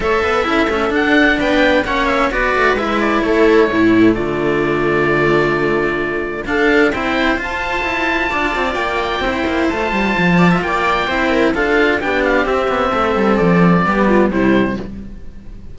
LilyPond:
<<
  \new Staff \with { instrumentName = "oboe" } { \time 4/4 \tempo 4 = 130 e''2 fis''4 g''4 | fis''8 e''8 d''4 e''8 d''8 cis''4~ | cis''4 d''2.~ | d''2 f''4 g''4 |
a''2. g''4~ | g''4 a''2 g''4~ | g''4 f''4 g''8 f''8 e''4~ | e''4 d''2 c''4 | }
  \new Staff \with { instrumentName = "viola" } { \time 4/4 cis''8 b'8 a'2 b'4 | cis''4 b'2 a'4 | e'4 f'2.~ | f'2 a'4 c''4~ |
c''2 d''2 | c''2~ c''8 d''16 e''16 d''4 | c''8 ais'8 a'4 g'2 | a'2 g'8 f'8 e'4 | }
  \new Staff \with { instrumentName = "cello" } { \time 4/4 a'4 e'8 cis'8 d'2 | cis'4 fis'4 e'2 | a1~ | a2 d'4 e'4 |
f'1 | e'4 f'2. | e'4 f'4 d'4 c'4~ | c'2 b4 g4 | }
  \new Staff \with { instrumentName = "cello" } { \time 4/4 a8 b8 cis'8 a8 d'4 b4 | ais4 b8 a8 gis4 a4 | a,4 d2.~ | d2 d'4 c'4 |
f'4 e'4 d'8 c'8 ais4 | c'8 ais8 a8 g8 f4 ais4 | c'4 d'4 b4 c'8 b8 | a8 g8 f4 g4 c4 | }
>>